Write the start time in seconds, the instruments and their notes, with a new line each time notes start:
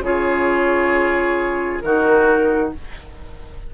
0.00 bassoon C#3, clarinet F4, oboe G#4, flute C#5
1.80 bassoon D#3, clarinet D#4, oboe F#4, flute A#4